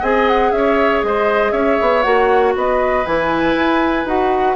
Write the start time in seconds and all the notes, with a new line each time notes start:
0.00 C4 G#4 D#5 G#5
0.28 F#5
0.51 C#4 C#5 E5
1.03 G#3 C5 D#5
1.52 C#4 C#5 E5
1.80 B3
2.02 A#3 F#4 F#5
2.56 B3 B4 D#5
3.06 E3 E4 G#5
3.55 E4
4.05 D#4 F#4 F#5